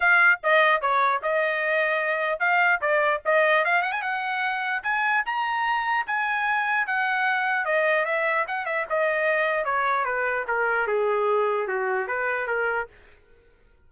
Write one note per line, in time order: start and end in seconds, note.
0.00 0.40 F5
0.43 0.81 D#5
0.81 1.21 C#5
1.22 2.39 D#5
2.39 2.80 F5
2.81 3.21 D5
3.25 3.65 D#5
3.65 3.82 F5
3.82 3.92 F#5
3.92 4.02 G#5
4.02 4.82 F#5
4.83 5.23 G#5
5.25 6.06 A#5
6.06 6.86 G#5
6.86 7.65 F#5
7.65 8.05 D#5
8.05 8.45 E5
8.47 8.65 F#5
8.65 8.85 E5
8.89 9.64 D#5
9.64 10.04 C#5
10.04 10.45 B4
10.47 10.87 A#4
10.87 11.67 G#4
11.67 12.07 F#4
12.07 12.47 B4
12.47 12.87 A#4